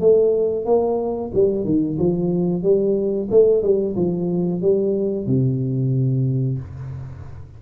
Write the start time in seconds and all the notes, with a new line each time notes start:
0.00 A3
0.65 A#3
1.34 G3
1.65 D#3
1.98 F3
2.62 G3
3.30 A3
3.62 G3
3.96 F3
4.61 G3
5.26 C3